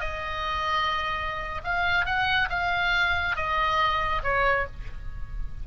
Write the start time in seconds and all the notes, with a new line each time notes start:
0.00 D#5
1.64 F5
2.06 F#5
2.50 F5
3.36 D#5
4.23 C#5